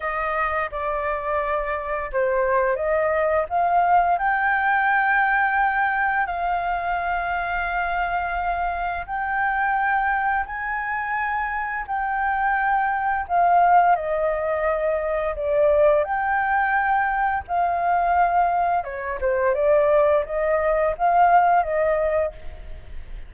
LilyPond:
\new Staff \with { instrumentName = "flute" } { \time 4/4 \tempo 4 = 86 dis''4 d''2 c''4 | dis''4 f''4 g''2~ | g''4 f''2.~ | f''4 g''2 gis''4~ |
gis''4 g''2 f''4 | dis''2 d''4 g''4~ | g''4 f''2 cis''8 c''8 | d''4 dis''4 f''4 dis''4 | }